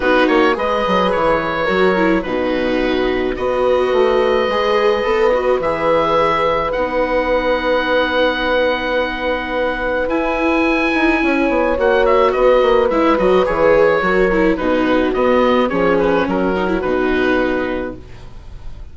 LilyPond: <<
  \new Staff \with { instrumentName = "oboe" } { \time 4/4 \tempo 4 = 107 b'8 cis''8 dis''4 cis''2 | b'2 dis''2~ | dis''2 e''2 | fis''1~ |
fis''2 gis''2~ | gis''4 fis''8 e''8 dis''4 e''8 dis''8 | cis''2 b'4 dis''4 | cis''8 b'8 ais'4 b'2 | }
  \new Staff \with { instrumentName = "horn" } { \time 4/4 fis'4 b'2 ais'4 | fis'2 b'2~ | b'1~ | b'1~ |
b'1 | cis''2 b'2~ | b'4 ais'4 fis'2 | gis'4 fis'2. | }
  \new Staff \with { instrumentName = "viola" } { \time 4/4 dis'4 gis'2 fis'8 e'8 | dis'2 fis'2 | gis'4 a'8 fis'8 gis'2 | dis'1~ |
dis'2 e'2~ | e'4 fis'2 e'8 fis'8 | gis'4 fis'8 e'8 dis'4 b4 | cis'4. dis'16 e'16 dis'2 | }
  \new Staff \with { instrumentName = "bassoon" } { \time 4/4 b8 ais8 gis8 fis8 e4 fis4 | b,2 b4 a4 | gis4 b4 e2 | b1~ |
b2 e'4. dis'8 | cis'8 b8 ais4 b8 ais8 gis8 fis8 | e4 fis4 b,4 b4 | f4 fis4 b,2 | }
>>